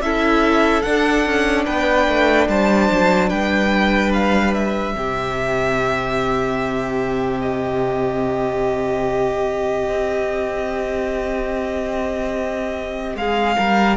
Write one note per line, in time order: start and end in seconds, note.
0.00 0.82 C#4
0.00 0.84 E4
0.00 1.66 A4
0.00 0.82 E5
0.82 4.93 D4
0.82 1.26 D4
0.82 1.64 F#5
1.26 1.67 C#4
1.66 2.08 B3
1.66 2.48 B4
1.66 2.48 G5
2.08 2.48 A3
2.48 2.90 G3
2.48 3.29 C5
2.48 3.30 A5
2.91 3.32 F#3
3.29 4.95 G3
3.29 4.93 B4
3.29 4.12 G5
4.13 4.54 F5
4.54 7.41 E5
4.93 9.88 C3
4.93 13.97 C4
4.93 13.19 G4
7.41 13.16 D#5
9.89 13.15 C4
13.15 13.56 G#3
13.15 13.58 G#4
13.15 13.97 F5
13.58 13.97 G3
13.58 13.97 A#4